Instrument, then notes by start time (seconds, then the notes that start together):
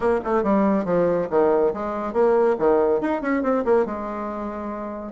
bassoon
0.00 A#3
0.24 A3
0.43 G3
0.85 F3
1.30 D#3
1.73 G#3
2.13 A#3
2.58 D#3
3.01 D#4
3.21 C#4
3.42 C4
3.64 A#3
3.85 G#3